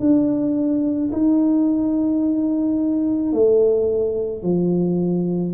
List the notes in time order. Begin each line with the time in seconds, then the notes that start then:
0.00 D4
1.13 D#4
3.33 A3
4.43 F3